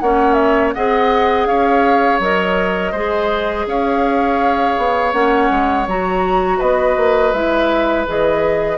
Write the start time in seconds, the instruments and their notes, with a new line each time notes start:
0.00 bassoon A#3, clarinet C#4, oboe C#5, flute F#5
0.33 flute E5
0.73 bassoon C4, clarinet G#4, oboe D#5, flute F#5
1.46 bassoon C#4, oboe C#5, flute F5
2.19 bassoon F#3, clarinet A#4, flute D#5
2.91 bassoon G#3, clarinet G#4, oboe C5
3.66 bassoon C#4, oboe C#5, flute F5
4.78 bassoon B3
5.13 bassoon A#3, clarinet C#4, flute F#5
5.50 bassoon G#3
5.87 bassoon F#3, clarinet F#4, flute A#5
6.58 bassoon B3, oboe B4, flute D#5
6.96 bassoon A#3
7.32 bassoon G#3, clarinet E4, flute E5
8.07 bassoon E3, clarinet G#4, flute D#5